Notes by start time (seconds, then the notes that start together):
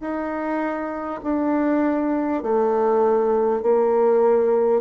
0.00 D#4
1.23 D4
2.43 A3
3.62 A#3